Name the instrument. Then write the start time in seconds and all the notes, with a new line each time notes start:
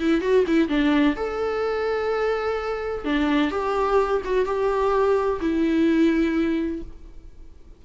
viola
0.00 E4
0.21 F#4
0.47 E4
0.69 D4
1.16 A4
3.05 D4
3.51 G4
4.25 F#4
4.46 G4
5.41 E4